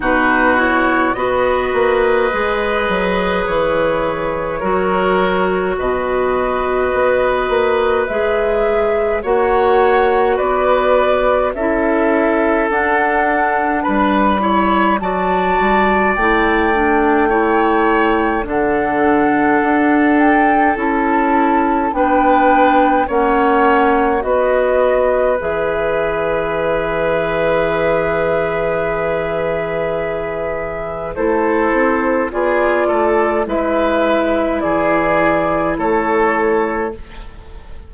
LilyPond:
<<
  \new Staff \with { instrumentName = "flute" } { \time 4/4 \tempo 4 = 52 b'8 cis''8 dis''2 cis''4~ | cis''4 dis''2 e''4 | fis''4 d''4 e''4 fis''4 | b''4 a''4 g''2 |
fis''4. g''8 a''4 g''4 | fis''4 dis''4 e''2~ | e''2. c''4 | d''4 e''4 d''4 cis''4 | }
  \new Staff \with { instrumentName = "oboe" } { \time 4/4 fis'4 b'2. | ais'4 b'2. | cis''4 b'4 a'2 | b'8 cis''8 d''2 cis''4 |
a'2. b'4 | cis''4 b'2.~ | b'2. a'4 | gis'8 a'8 b'4 gis'4 a'4 | }
  \new Staff \with { instrumentName = "clarinet" } { \time 4/4 dis'8 e'8 fis'4 gis'2 | fis'2. gis'4 | fis'2 e'4 d'4~ | d'8 e'8 fis'4 e'8 d'8 e'4 |
d'2 e'4 d'4 | cis'4 fis'4 gis'2~ | gis'2. e'4 | f'4 e'2. | }
  \new Staff \with { instrumentName = "bassoon" } { \time 4/4 b,4 b8 ais8 gis8 fis8 e4 | fis4 b,4 b8 ais8 gis4 | ais4 b4 cis'4 d'4 | g4 fis8 g8 a2 |
d4 d'4 cis'4 b4 | ais4 b4 e2~ | e2. a8 c'8 | b8 a8 gis4 e4 a4 | }
>>